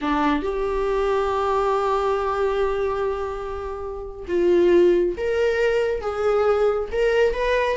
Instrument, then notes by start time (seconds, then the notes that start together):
viola
0.01 D4
0.42 G4
4.28 F4
5.17 A#4
6.01 G#4
6.92 A#4
7.34 B4